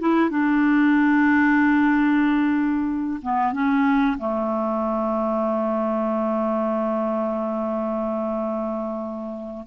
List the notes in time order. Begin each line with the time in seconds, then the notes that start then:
0.00 E4
0.30 D4
3.23 B3
3.53 C#4
4.18 A3